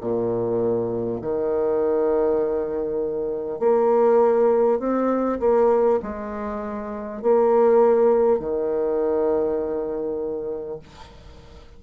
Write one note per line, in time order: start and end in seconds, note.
0.00 1.20 A#2
1.21 3.59 D#3
3.59 4.79 A#3
4.79 5.39 C4
5.39 5.99 A#3
6.02 7.22 G#3
7.22 8.39 A#3
8.39 10.79 D#3